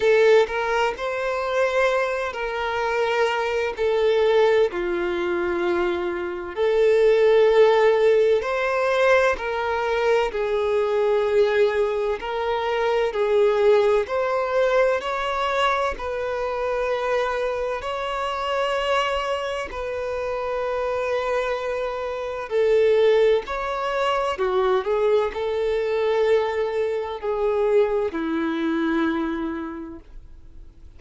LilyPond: \new Staff \with { instrumentName = "violin" } { \time 4/4 \tempo 4 = 64 a'8 ais'8 c''4. ais'4. | a'4 f'2 a'4~ | a'4 c''4 ais'4 gis'4~ | gis'4 ais'4 gis'4 c''4 |
cis''4 b'2 cis''4~ | cis''4 b'2. | a'4 cis''4 fis'8 gis'8 a'4~ | a'4 gis'4 e'2 | }